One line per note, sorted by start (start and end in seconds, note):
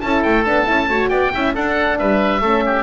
0.00 0.24 C#4
0.00 0.45 E4
0.00 0.90 A4
0.00 0.22 A5
0.23 0.47 A3
0.23 0.44 G5
0.44 0.69 B3
0.44 0.65 D4
0.44 1.09 A5
0.65 0.89 C#4
0.65 0.87 E4
0.89 1.10 A3
0.89 1.33 F#4
0.89 1.09 C#5
1.09 1.32 B3
1.09 1.31 D5
1.09 1.52 G5
1.33 1.56 C#4
1.33 1.55 E4
1.33 1.54 E5
1.54 2.42 D4
1.54 2.00 D4
1.54 1.98 A4
1.54 1.98 F#5
1.98 2.41 G3
1.98 2.41 B4
1.98 2.82 E5
2.41 2.82 A3
2.41 2.82 C#4
2.41 2.63 A4
2.66 2.82 G4